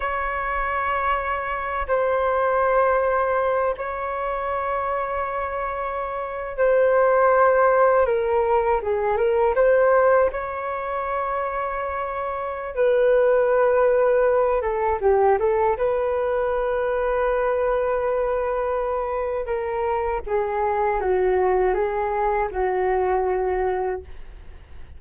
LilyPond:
\new Staff \with { instrumentName = "flute" } { \time 4/4 \tempo 4 = 80 cis''2~ cis''8 c''4.~ | c''4 cis''2.~ | cis''8. c''2 ais'4 gis'16~ | gis'16 ais'8 c''4 cis''2~ cis''16~ |
cis''4 b'2~ b'8 a'8 | g'8 a'8 b'2.~ | b'2 ais'4 gis'4 | fis'4 gis'4 fis'2 | }